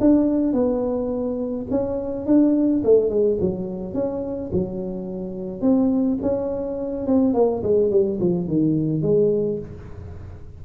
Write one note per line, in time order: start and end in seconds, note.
0.00 0.53 D4
0.53 1.66 B3
1.70 2.26 C#4
2.26 2.83 D4
2.84 3.10 A3
3.10 3.38 G#3
3.41 3.94 F#3
3.94 4.50 C#4
4.52 5.61 F#3
5.61 6.18 C4
6.22 7.06 C#4
7.06 7.34 C4
7.34 7.62 A#3
7.63 7.90 G#3
7.90 8.19 G3
8.20 8.47 F3
8.47 9.02 D#3
9.02 9.59 G#3